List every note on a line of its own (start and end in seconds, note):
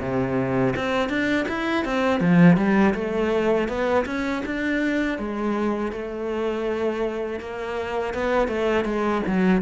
0.00 0.74 C3
0.76 1.09 C4
1.09 1.46 D4
1.48 1.85 E4
1.85 2.21 C4
2.21 2.57 F3
2.57 2.94 G3
2.95 3.68 A3
3.68 4.05 B3
4.06 4.43 C#4
4.46 5.19 D4
5.19 5.92 G#3
5.92 7.40 A3
7.40 8.14 A#3
8.14 8.48 B3
8.48 8.85 A3
8.85 9.22 G#3
9.27 9.62 F#3